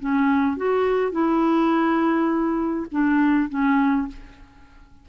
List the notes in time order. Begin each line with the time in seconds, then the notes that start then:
0.00 C#4
0.57 F#4
1.12 E4
2.92 D4
3.50 C#4